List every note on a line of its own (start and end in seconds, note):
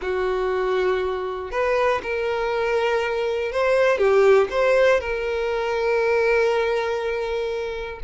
0.01 1.51 F#4
1.51 2.01 B4
2.02 3.52 A#4
3.52 3.98 C5
3.98 4.48 G4
4.50 5.00 C5
5.00 8.00 A#4